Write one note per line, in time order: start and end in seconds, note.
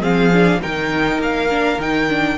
0.00 0.59 F3
0.00 0.32 C4
0.00 0.61 G#4
0.00 0.62 F5
0.33 0.61 D4
0.61 1.19 D#3
0.61 1.49 D#4
0.61 2.38 A#4
0.61 1.21 G5
1.19 1.78 A#3
1.19 1.81 F5
1.50 1.79 D4
1.78 2.37 D#3
1.78 2.09 D#4
1.78 2.38 G5
2.09 2.38 D4